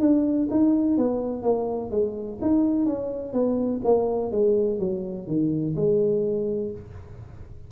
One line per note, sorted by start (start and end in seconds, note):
0.00 0.48 D4
0.50 0.97 D#4
0.97 1.42 B3
1.42 1.90 A#3
1.90 2.38 G#3
2.41 2.86 D#4
2.86 3.33 C#4
3.33 3.81 B3
3.84 4.31 A#3
4.31 4.79 G#3
4.79 5.27 F#3
5.27 5.75 D#3
5.75 6.71 G#3